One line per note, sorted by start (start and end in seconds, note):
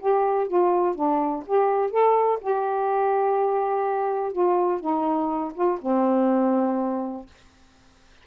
0.00 0.48 G4
0.48 0.96 F4
0.96 1.44 D4
1.47 1.91 G4
1.91 2.40 A4
2.41 4.33 G4
4.33 4.81 F4
4.81 5.53 D#4
5.55 5.79 F4
5.82 7.27 C4